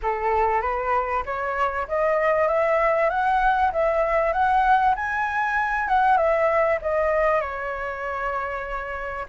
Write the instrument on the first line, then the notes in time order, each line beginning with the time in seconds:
flute
0.02 A4
0.61 B4
1.25 C#5
1.88 D#5
2.47 E5
3.09 F#5
3.72 E5
4.32 F#5
4.95 G#5
5.88 F#5
6.17 E5
6.81 D#5
7.41 C#5